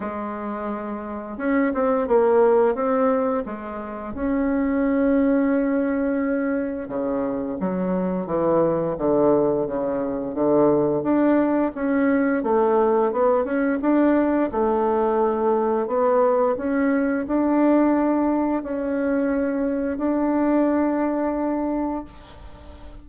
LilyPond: \new Staff \with { instrumentName = "bassoon" } { \time 4/4 \tempo 4 = 87 gis2 cis'8 c'8 ais4 | c'4 gis4 cis'2~ | cis'2 cis4 fis4 | e4 d4 cis4 d4 |
d'4 cis'4 a4 b8 cis'8 | d'4 a2 b4 | cis'4 d'2 cis'4~ | cis'4 d'2. | }